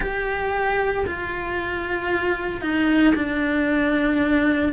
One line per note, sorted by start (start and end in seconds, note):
0.00 1.05 G4
1.07 2.61 F4
2.61 3.13 D#4
3.15 4.73 D4